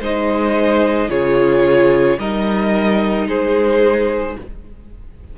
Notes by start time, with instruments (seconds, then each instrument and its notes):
0.00 cello G#3, viola D#4, violin C5 D#5
1.09 cello C#3, viola F4, violin G#4 C#5
2.18 cello G3, viola D#4, violin A#4 D#5
3.27 cello G#3, violin G#4 C5